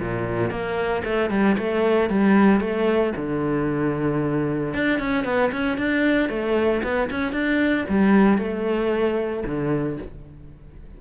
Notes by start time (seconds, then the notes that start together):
0.00 A#2
0.51 A#3
1.05 A3
1.31 G3
1.58 A3
2.10 G3
2.61 A3
3.17 D3
4.75 D4
5.00 C#4
5.25 B3
5.52 C#4
5.78 D4
6.30 A3
6.83 B3
7.11 C#4
7.33 D4
7.89 G3
8.39 A3
9.46 D3